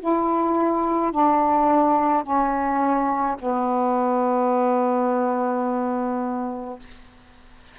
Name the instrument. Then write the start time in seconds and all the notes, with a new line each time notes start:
saxophone
0.00 E4
1.12 D4
2.23 C#4
3.40 B3